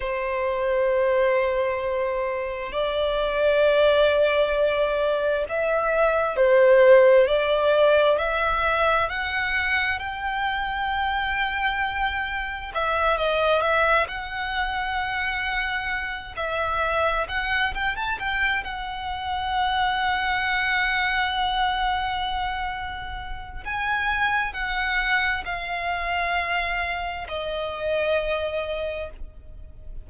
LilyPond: \new Staff \with { instrumentName = "violin" } { \time 4/4 \tempo 4 = 66 c''2. d''4~ | d''2 e''4 c''4 | d''4 e''4 fis''4 g''4~ | g''2 e''8 dis''8 e''8 fis''8~ |
fis''2 e''4 fis''8 g''16 a''16 | g''8 fis''2.~ fis''8~ | fis''2 gis''4 fis''4 | f''2 dis''2 | }